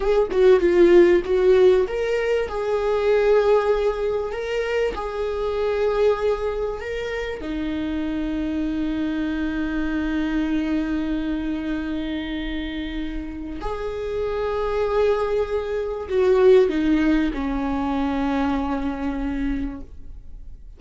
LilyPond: \new Staff \with { instrumentName = "viola" } { \time 4/4 \tempo 4 = 97 gis'8 fis'8 f'4 fis'4 ais'4 | gis'2. ais'4 | gis'2. ais'4 | dis'1~ |
dis'1~ | dis'2 gis'2~ | gis'2 fis'4 dis'4 | cis'1 | }